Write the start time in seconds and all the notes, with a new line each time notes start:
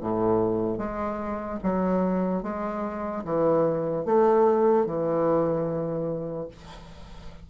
0.00 A2
0.78 G#3
1.63 F#3
2.43 G#3
3.24 E3
4.05 A3
4.85 E3